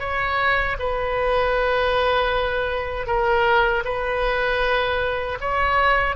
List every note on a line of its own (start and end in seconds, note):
0.00 0.77 C#5
0.79 3.07 B4
3.07 3.84 A#4
3.85 5.38 B4
5.41 6.16 C#5